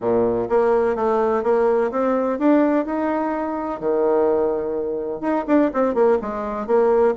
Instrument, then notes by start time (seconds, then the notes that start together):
bassoon
0.00 A#2
0.49 A#3
0.95 A3
1.43 A#3
1.91 C4
2.39 D4
2.85 D#4
3.80 D#3
5.20 D#4
5.47 D4
5.73 C4
5.94 A#3
6.21 G#3
6.66 A#3